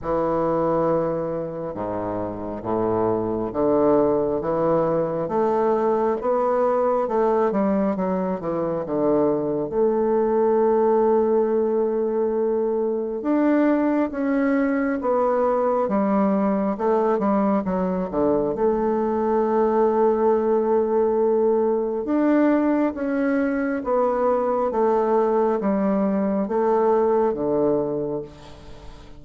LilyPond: \new Staff \with { instrumentName = "bassoon" } { \time 4/4 \tempo 4 = 68 e2 gis,4 a,4 | d4 e4 a4 b4 | a8 g8 fis8 e8 d4 a4~ | a2. d'4 |
cis'4 b4 g4 a8 g8 | fis8 d8 a2.~ | a4 d'4 cis'4 b4 | a4 g4 a4 d4 | }